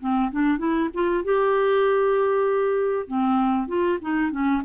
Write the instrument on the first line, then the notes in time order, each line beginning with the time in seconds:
clarinet
0.00 C4
0.31 D4
0.58 E4
0.94 F4
1.24 G4
3.07 C4
3.68 F4
4.01 D#4
4.31 C#4